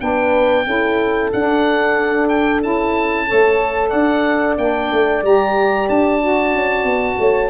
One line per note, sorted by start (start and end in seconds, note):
0.00 0.67 B3
0.00 0.65 D4
0.00 0.67 B4
0.00 1.31 G5
0.66 1.32 C#4
0.66 1.31 E4
0.66 3.29 A4
1.33 2.64 D4
1.33 2.62 D4
1.33 2.29 F#5
2.29 2.61 G5
2.62 3.29 C#4
2.62 3.27 E4
2.62 3.90 A5
3.27 3.93 A3
3.27 4.58 A4
3.27 3.90 C#5
3.90 4.58 D4
3.90 7.17 D5
3.90 4.55 F#5
4.58 4.91 A#3
4.58 5.24 D4
4.58 5.24 G5
4.92 5.23 A3
5.23 5.88 G3
5.23 6.21 G4
5.23 5.89 A#5
5.89 6.55 D4
5.89 7.50 A5
6.21 7.50 F#4
6.55 6.84 C#4
6.84 7.17 B3
7.19 7.50 A3
7.19 7.50 C#5